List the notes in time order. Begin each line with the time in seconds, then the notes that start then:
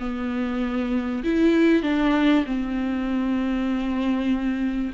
0.00 B3
1.24 E4
1.83 D4
2.46 C4